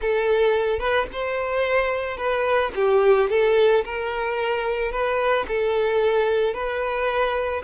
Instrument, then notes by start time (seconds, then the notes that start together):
violin
0.01 A4
0.79 B4
1.12 C5
2.17 B4
2.75 G4
3.29 A4
3.85 A#4
4.91 B4
5.48 A4
6.53 B4